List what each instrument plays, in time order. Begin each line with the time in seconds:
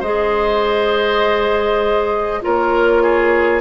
0.00 bassoon G#3, clarinet G#4, oboe C5, flute D#5
2.42 bassoon A#3, clarinet F4, oboe A#4, flute C#5
3.03 oboe G#4